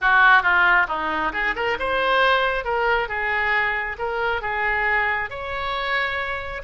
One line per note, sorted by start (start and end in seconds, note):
0.01 0.42 F#4
0.42 0.86 F4
0.88 1.32 D#4
1.32 1.54 G#4
1.55 1.77 A#4
1.79 2.64 C5
2.64 3.08 A#4
3.08 3.96 G#4
3.98 4.41 A#4
4.41 5.29 G#4
5.29 6.62 C#5